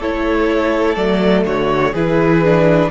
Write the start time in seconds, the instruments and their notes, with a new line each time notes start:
0.00 cello A3, viola E4, violin A4 C#5
0.95 cello F#3, viola A3, violin D5
1.45 cello D3, violin F#4 C#5
1.93 cello E3, viola E4, violin G#4 B4
2.45 viola D4